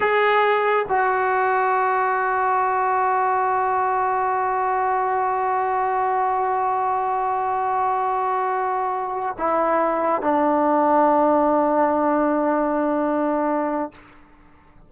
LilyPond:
\new Staff \with { instrumentName = "trombone" } { \time 4/4 \tempo 4 = 138 gis'2 fis'2~ | fis'1~ | fis'1~ | fis'1~ |
fis'1~ | fis'4. e'2 d'8~ | d'1~ | d'1 | }